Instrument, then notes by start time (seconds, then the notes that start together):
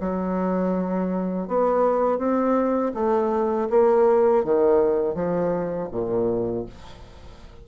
bassoon
0.00 F#3
1.47 B3
2.18 C4
2.94 A3
3.69 A#3
4.43 D#3
5.14 F3
5.91 A#2